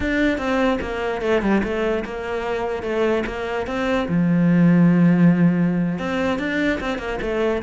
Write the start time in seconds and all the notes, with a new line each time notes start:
0.00 D4
0.38 C4
0.81 A#3
1.21 A3
1.42 G3
1.63 A3
2.05 A#3
2.82 A3
3.26 A#3
3.66 C4
4.08 F3
5.98 C4
6.39 D4
6.80 C4
6.98 A#3
7.21 A3